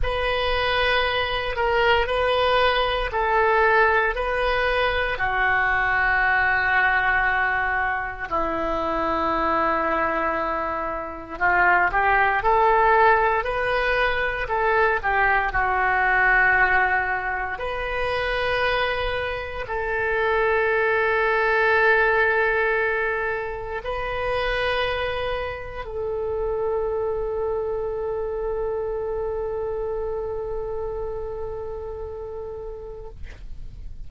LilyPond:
\new Staff \with { instrumentName = "oboe" } { \time 4/4 \tempo 4 = 58 b'4. ais'8 b'4 a'4 | b'4 fis'2. | e'2. f'8 g'8 | a'4 b'4 a'8 g'8 fis'4~ |
fis'4 b'2 a'4~ | a'2. b'4~ | b'4 a'2.~ | a'1 | }